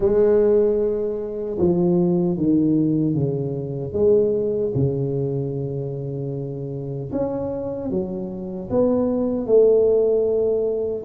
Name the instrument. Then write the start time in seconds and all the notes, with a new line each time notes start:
tuba
0.00 G#3
1.59 F3
2.37 D#3
3.14 C#3
3.93 G#3
4.74 C#3
7.12 C#4
7.90 F#3
8.69 B3
9.46 A3